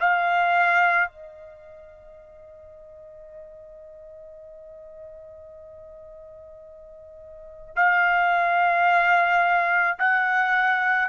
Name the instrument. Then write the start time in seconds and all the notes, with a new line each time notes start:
trumpet
0.00 F5
1.08 D#5
7.76 F5
9.99 F#5